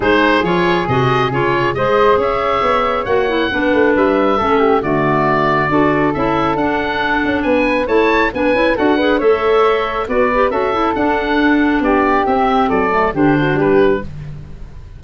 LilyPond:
<<
  \new Staff \with { instrumentName = "oboe" } { \time 4/4 \tempo 4 = 137 c''4 cis''4 dis''4 cis''4 | dis''4 e''2 fis''4~ | fis''4 e''2 d''4~ | d''2 e''4 fis''4~ |
fis''4 gis''4 a''4 gis''4 | fis''4 e''2 d''4 | e''4 fis''2 d''4 | e''4 d''4 c''4 b'4 | }
  \new Staff \with { instrumentName = "flute" } { \time 4/4 gis'1 | c''4 cis''2. | b'2 a'8 g'8 fis'4~ | fis'4 a'2.~ |
a'4 b'4 cis''4 b'4 | a'8 b'8 cis''2 b'4 | a'2. g'4~ | g'4 a'4 g'8 fis'8 g'4 | }
  \new Staff \with { instrumentName = "clarinet" } { \time 4/4 dis'4 f'4 fis'4 f'4 | gis'2. fis'8 e'8 | d'2 cis'4 a4~ | a4 fis'4 e'4 d'4~ |
d'2 e'4 d'8 e'8 | fis'8 gis'8 a'2 fis'8 g'8 | fis'8 e'8 d'2. | c'4. a8 d'2 | }
  \new Staff \with { instrumentName = "tuba" } { \time 4/4 gis4 f4 c4 cis4 | gis4 cis'4 b4 ais4 | b8 a8 g4 a4 d4~ | d4 d'4 cis'4 d'4~ |
d'8 cis'8 b4 a4 b8 cis'8 | d'4 a2 b4 | cis'4 d'2 b4 | c'4 fis4 d4 g4 | }
>>